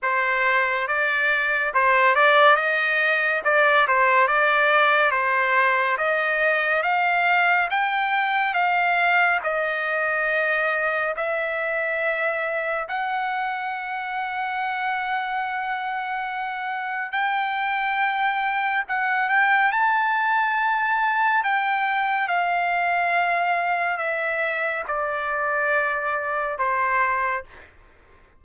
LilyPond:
\new Staff \with { instrumentName = "trumpet" } { \time 4/4 \tempo 4 = 70 c''4 d''4 c''8 d''8 dis''4 | d''8 c''8 d''4 c''4 dis''4 | f''4 g''4 f''4 dis''4~ | dis''4 e''2 fis''4~ |
fis''1 | g''2 fis''8 g''8 a''4~ | a''4 g''4 f''2 | e''4 d''2 c''4 | }